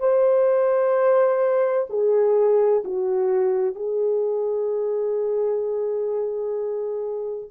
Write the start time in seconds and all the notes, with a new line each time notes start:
0.00 C5
1.90 G#4
2.85 F#4
3.76 G#4